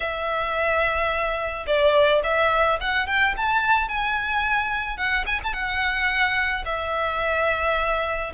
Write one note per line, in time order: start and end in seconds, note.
0.00 1.66 E5
1.66 2.22 D5
2.23 2.79 E5
2.80 3.07 F#5
3.07 3.34 G5
3.36 3.88 A5
3.88 4.97 G#5
4.97 5.24 F#5
5.26 5.40 G#5
5.43 5.53 A5
5.53 6.64 F#5
6.65 8.32 E5